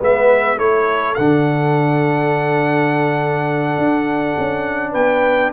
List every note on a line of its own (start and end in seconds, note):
0.00 0.59 G#3
0.00 0.58 B3
0.00 0.58 B4
0.00 0.59 E5
0.58 1.17 A3
0.58 1.16 E4
0.58 4.92 A4
0.58 1.15 C#5
1.15 3.78 D3
1.15 5.54 D4
1.15 4.94 F#5
3.78 4.37 D4
4.39 4.95 C#4
4.92 5.53 B3
4.92 5.50 B4
4.92 5.52 G5